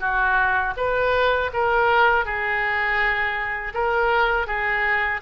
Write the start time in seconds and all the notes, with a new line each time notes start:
0.00 F#4
0.77 B4
1.53 A#4
2.25 G#4
3.74 A#4
4.47 G#4